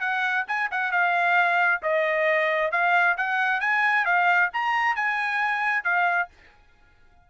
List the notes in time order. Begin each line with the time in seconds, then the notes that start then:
0.00 F#5
0.48 G#5
0.71 F#5
0.92 F5
1.83 D#5
2.72 F5
3.17 F#5
3.60 G#5
4.05 F5
4.53 A#5
4.96 G#5
5.84 F5